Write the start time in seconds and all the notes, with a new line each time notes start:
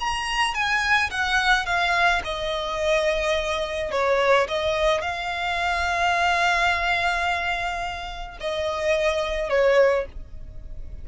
0.00 A#5
0.54 G#5
1.11 F#5
1.66 F5
2.24 D#5
3.92 C#5
4.49 D#5
5.02 F5
8.41 D#5
9.49 C#5